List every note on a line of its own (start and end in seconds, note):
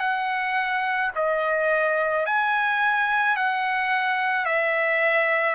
0.00 1.11 F#5
1.16 2.26 D#5
2.26 3.36 G#5
3.36 4.46 F#5
4.46 5.56 E5